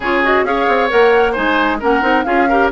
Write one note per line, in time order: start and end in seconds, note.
0.00 0.43 C#3
0.00 0.23 F4
0.00 0.44 G#4
0.00 0.24 C#5
0.23 0.45 F#4
0.23 0.45 D#5
0.43 0.65 C#4
0.43 0.89 G#4
0.43 1.32 C#5
0.43 0.90 F5
0.68 0.90 C4
0.89 1.37 A#3
0.89 1.34 A#4
0.89 1.33 F#5
1.32 1.82 G#3
1.32 1.79 D#4
1.32 1.77 C5
1.32 1.78 G#5
1.79 2.02 A#3
1.79 2.01 C#4
1.79 2.25 A#4
1.79 2.24 F#5
2.01 2.24 C4
2.01 2.24 D#4
2.24 2.70 C#4
2.24 2.47 F4
2.24 2.48 G#4
2.24 2.69 F5
2.48 2.71 G4
2.48 2.71 A#4